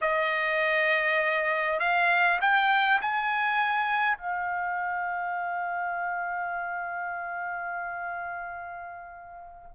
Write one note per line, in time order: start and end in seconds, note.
0.01 1.79 D#5
1.79 2.39 F5
2.41 3.01 G5
3.01 4.17 G#5
4.17 9.72 F5